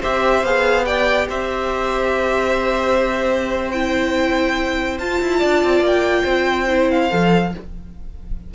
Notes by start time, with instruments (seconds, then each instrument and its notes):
0.00 cello C4, viola G4, violin C5 E5
0.43 cello B3, viola G#4, violin F5
0.85 viola G4, violin D5 G5
1.28 cello C4, violin C5 E5
3.71 viola E4, violin G5
4.99 cello F4, viola F4, violin A5
5.21 cello E4
5.39 cello D4, violin D5
5.63 cello C4
5.80 cello A#3, violin G5
6.23 cello C4, violin C5
6.68 viola E4
6.90 violin F5
7.10 cello F3, viola A4